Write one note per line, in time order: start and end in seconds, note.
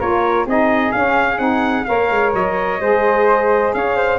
0.00 0.47 A#3
0.00 0.47 F4
0.00 0.47 A#4
0.00 0.48 C#5
0.47 0.93 C4
0.47 0.94 D#4
0.47 1.87 G#4
0.47 0.92 D#5
0.92 1.39 C#4
0.92 1.39 F5
1.39 1.85 C4
1.39 1.85 D#4
1.39 1.85 F#5
1.85 2.11 A#3
1.85 2.81 A#4
1.85 2.82 C#5
1.85 2.32 F5
2.11 2.34 G#3
2.34 2.80 F#3
2.34 3.74 D#5
2.80 3.73 G#3
2.80 4.19 G#4
2.80 3.75 C5
3.74 4.19 C#4
3.74 3.97 C#5
3.74 4.19 F5
3.97 4.19 C5